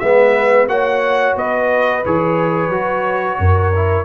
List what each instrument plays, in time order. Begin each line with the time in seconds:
0.00 tuba G#3, trombone B3, horn B4, trumpet E5
0.68 tuba A#3, trombone F#4, horn C#5, trumpet F#5
1.37 tuba B3, horn B4, trumpet D#5
2.06 tuba E3, trombone G#4, trumpet C#5
2.69 tuba F#3, trombone F#4
3.39 tuba F#2, horn A#4
3.76 trombone E4